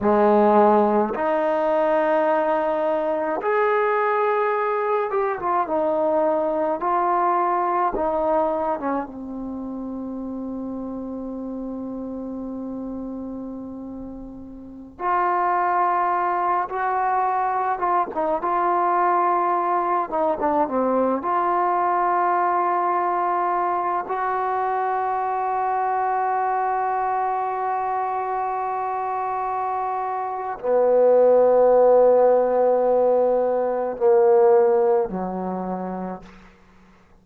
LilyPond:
\new Staff \with { instrumentName = "trombone" } { \time 4/4 \tempo 4 = 53 gis4 dis'2 gis'4~ | gis'8 g'16 f'16 dis'4 f'4 dis'8. cis'16 | c'1~ | c'4~ c'16 f'4. fis'4 f'16 |
dis'16 f'4. dis'16 d'16 c'8 f'4~ f'16~ | f'4~ f'16 fis'2~ fis'8.~ | fis'2. b4~ | b2 ais4 fis4 | }